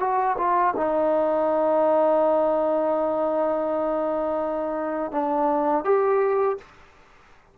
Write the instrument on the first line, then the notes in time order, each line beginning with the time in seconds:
trombone
0.00 F#4
0.38 F4
0.76 D#4
5.12 D4
5.85 G4